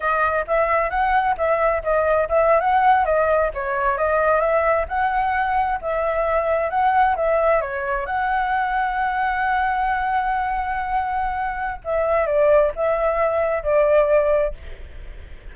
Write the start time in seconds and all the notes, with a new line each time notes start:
0.00 D#5
0.47 E5
0.90 F#5
1.37 E5
1.83 D#5
2.28 E5
2.60 F#5
3.05 D#5
3.54 C#5
3.97 D#5
4.40 E5
4.88 F#5
5.81 E5
6.70 F#5
7.16 E5
7.61 C#5
8.06 F#5
11.84 E5
12.26 D5
12.75 E5
13.63 D5